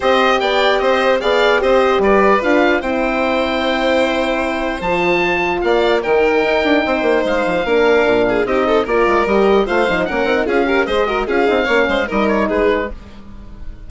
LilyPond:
<<
  \new Staff \with { instrumentName = "oboe" } { \time 4/4 \tempo 4 = 149 dis''4 g''4 dis''4 f''4 | dis''4 d''4 f''4 g''4~ | g''1 | a''2 f''4 g''4~ |
g''2 f''2~ | f''4 dis''4 d''4 dis''4 | f''4 fis''4 f''4 dis''4 | f''2 dis''8 cis''8 b'4 | }
  \new Staff \with { instrumentName = "violin" } { \time 4/4 c''4 d''4 c''4 d''4 | c''4 b'2 c''4~ | c''1~ | c''2 d''4 ais'4~ |
ais'4 c''2 ais'4~ | ais'8 gis'8 g'8 a'8 ais'2 | c''4 ais'4 gis'8 ais'8 c''8 ais'8 | gis'4 cis''8 c''8 ais'4 gis'4 | }
  \new Staff \with { instrumentName = "horn" } { \time 4/4 g'2. gis'4 | g'2 f'4 e'4~ | e'1 | f'2. dis'4~ |
dis'2. d'4~ | d'4 dis'4 f'4 g'4 | f'8 dis'8 cis'8 dis'8 f'8 g'8 gis'8 fis'8 | f'8 dis'8 cis'4 dis'2 | }
  \new Staff \with { instrumentName = "bassoon" } { \time 4/4 c'4 b4 c'4 b4 | c'4 g4 d'4 c'4~ | c'1 | f2 ais4 dis4 |
dis'8 d'8 c'8 ais8 gis8 f8 ais4 | ais,4 c'4 ais8 gis8 g4 | a8 f8 ais8 c'8 cis'4 gis4 | cis'8 c'8 ais8 gis8 g4 gis4 | }
>>